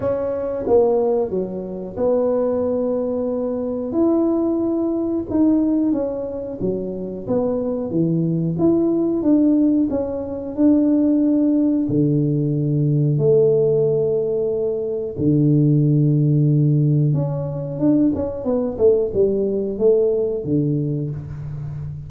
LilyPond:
\new Staff \with { instrumentName = "tuba" } { \time 4/4 \tempo 4 = 91 cis'4 ais4 fis4 b4~ | b2 e'2 | dis'4 cis'4 fis4 b4 | e4 e'4 d'4 cis'4 |
d'2 d2 | a2. d4~ | d2 cis'4 d'8 cis'8 | b8 a8 g4 a4 d4 | }